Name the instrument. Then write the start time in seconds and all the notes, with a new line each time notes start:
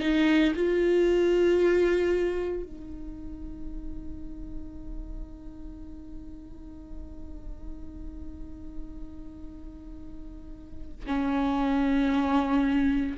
viola
0.00 D#4
0.55 F4
2.63 D#4
11.06 C#4